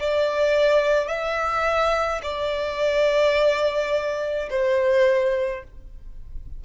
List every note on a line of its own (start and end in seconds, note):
0.00 1.08 D5
1.08 2.21 E5
2.23 4.49 D5
4.50 5.63 C5